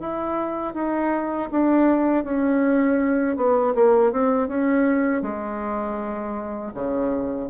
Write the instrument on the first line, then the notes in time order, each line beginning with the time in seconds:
bassoon
0.00 E4
0.74 D#4
1.52 D4
2.24 C#4
3.37 B3
3.75 A#3
4.12 C4
4.48 C#4
5.22 G#3
6.75 C#3